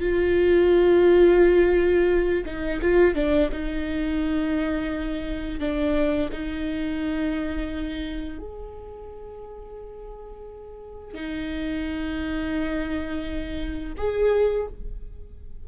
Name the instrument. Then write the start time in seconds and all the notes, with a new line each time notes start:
viola
0.00 F4
2.46 D#4
2.82 F4
3.15 D4
3.52 D#4
5.60 D4
6.32 D#4
8.39 G#4
11.14 D#4
13.97 G#4